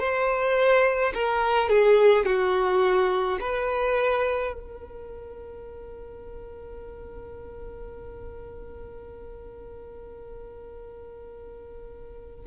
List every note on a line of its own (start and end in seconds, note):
0.00 1.13 C5
1.14 1.69 A#4
1.69 2.26 G#4
2.26 3.39 F#4
3.41 4.53 B4
4.53 12.46 A#4